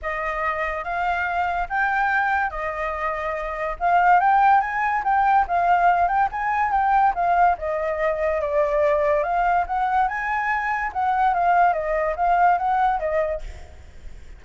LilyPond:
\new Staff \with { instrumentName = "flute" } { \time 4/4 \tempo 4 = 143 dis''2 f''2 | g''2 dis''2~ | dis''4 f''4 g''4 gis''4 | g''4 f''4. g''8 gis''4 |
g''4 f''4 dis''2 | d''2 f''4 fis''4 | gis''2 fis''4 f''4 | dis''4 f''4 fis''4 dis''4 | }